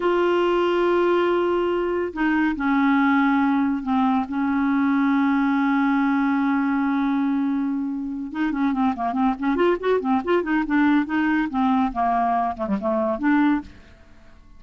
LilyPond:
\new Staff \with { instrumentName = "clarinet" } { \time 4/4 \tempo 4 = 141 f'1~ | f'4 dis'4 cis'2~ | cis'4 c'4 cis'2~ | cis'1~ |
cis'2.~ cis'8 dis'8 | cis'8 c'8 ais8 c'8 cis'8 f'8 fis'8 c'8 | f'8 dis'8 d'4 dis'4 c'4 | ais4. a16 g16 a4 d'4 | }